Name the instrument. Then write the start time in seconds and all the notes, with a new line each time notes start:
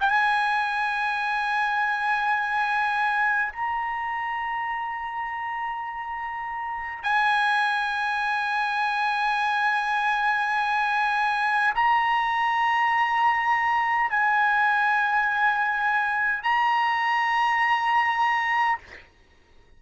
trumpet
0.00 G#5
3.52 A#5
7.03 G#5
11.75 A#5
14.10 G#5
16.43 A#5